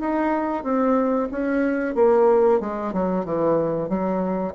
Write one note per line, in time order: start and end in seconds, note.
0.00 0.63 D#4
0.63 1.29 C4
1.32 1.95 C#4
1.95 2.61 A#3
2.61 2.93 G#3
2.93 3.25 F#3
3.25 3.89 E3
3.89 4.54 F#3